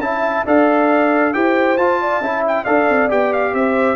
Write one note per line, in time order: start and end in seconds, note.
0.00 0.44 C#4
0.00 0.46 E4
0.00 0.46 E5
0.00 0.45 A5
0.46 1.35 D4
0.46 1.34 A4
0.46 1.34 D5
0.46 1.33 F5
1.33 1.78 E4
1.33 1.78 G4
1.33 2.01 C5
1.33 1.78 G5
1.78 2.21 F4
1.78 2.23 F4
1.78 2.44 A5
2.01 2.22 D5
2.21 2.65 C#4
2.21 2.66 E4
2.21 2.65 E5
2.48 2.65 G5
2.65 2.90 D4
2.65 3.09 A4
2.65 3.53 D5
2.65 3.09 F5
2.90 3.12 C4
3.09 3.53 B3
3.09 3.96 G4
3.09 3.33 G5
3.33 3.55 F5
3.53 3.96 C4
3.53 3.96 C5
3.53 3.96 E5